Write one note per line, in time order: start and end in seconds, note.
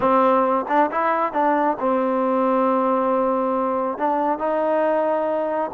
0.00 0.65 C4
0.68 0.90 D4
0.91 1.33 E4
1.33 1.77 D4
1.79 3.97 C4
3.97 4.38 D4
4.38 5.70 D#4